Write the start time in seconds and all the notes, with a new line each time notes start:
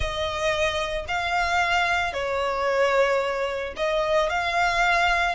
0.00 D#5
1.08 F5
2.13 C#5
3.76 D#5
4.29 F5